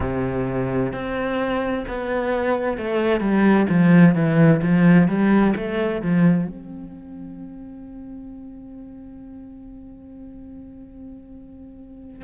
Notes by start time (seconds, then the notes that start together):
0.00 C3
0.92 C4
1.87 B3
2.77 A3
3.20 G3
3.69 F3
4.15 E3
4.62 F3
5.08 G3
5.56 A3
6.01 F3
6.47 C4